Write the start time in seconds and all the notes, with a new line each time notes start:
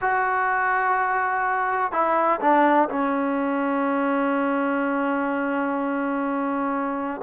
0.01 F#4
1.92 E4
2.40 D4
2.89 C#4